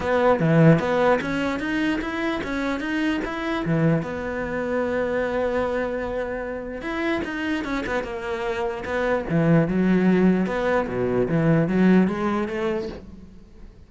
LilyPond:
\new Staff \with { instrumentName = "cello" } { \time 4/4 \tempo 4 = 149 b4 e4 b4 cis'4 | dis'4 e'4 cis'4 dis'4 | e'4 e4 b2~ | b1~ |
b4 e'4 dis'4 cis'8 b8 | ais2 b4 e4 | fis2 b4 b,4 | e4 fis4 gis4 a4 | }